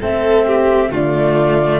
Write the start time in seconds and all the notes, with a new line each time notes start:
0.00 A3 C4 A4 E5
0.46 G4
0.90 D3 A3 F4 D5